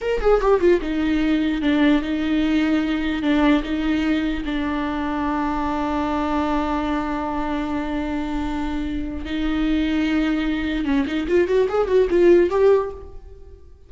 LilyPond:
\new Staff \with { instrumentName = "viola" } { \time 4/4 \tempo 4 = 149 ais'8 gis'8 g'8 f'8 dis'2 | d'4 dis'2. | d'4 dis'2 d'4~ | d'1~ |
d'1~ | d'2. dis'4~ | dis'2. cis'8 dis'8 | f'8 fis'8 gis'8 fis'8 f'4 g'4 | }